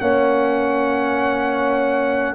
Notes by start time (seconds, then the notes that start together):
0.00 A#3 C#4 C#5 F#5